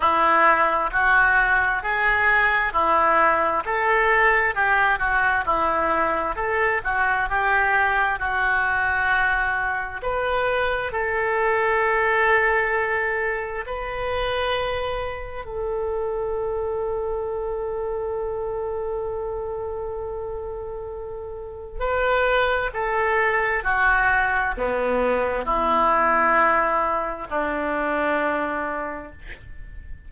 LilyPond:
\new Staff \with { instrumentName = "oboe" } { \time 4/4 \tempo 4 = 66 e'4 fis'4 gis'4 e'4 | a'4 g'8 fis'8 e'4 a'8 fis'8 | g'4 fis'2 b'4 | a'2. b'4~ |
b'4 a'2.~ | a'1 | b'4 a'4 fis'4 b4 | e'2 d'2 | }